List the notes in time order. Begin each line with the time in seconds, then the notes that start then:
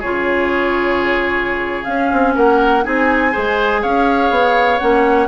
0.00 C#3 F4 G#4 C#5
1.84 C#4 F5
2.12 C4
2.35 A#3 A#4 F#5
2.83 C4 D#4 G#4 G#5
3.32 G#3 G#4 C5
3.82 C#4 C#5 F5
4.31 B3
4.79 A#3 C#4 F#5